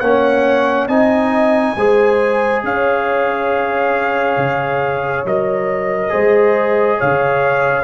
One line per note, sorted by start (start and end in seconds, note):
0.00 0.88 A#3
0.00 0.90 C#4
0.00 0.89 C#5
0.00 0.87 F#5
0.88 1.75 C4
0.88 1.77 D#4
0.88 1.76 D#5
0.88 2.62 G#5
1.77 2.64 G#3
1.77 5.26 G#4
1.77 2.65 C5
2.64 4.37 C#4
2.64 6.12 C#5
2.64 5.27 F5
4.37 5.24 C#3
5.25 6.12 F#3
5.25 6.10 A#4
5.25 7.01 D#5
6.10 7.00 G#3
6.10 7.84 G#4
6.10 6.98 C5
6.98 7.84 C#3
6.98 7.84 C#5
6.98 7.84 F5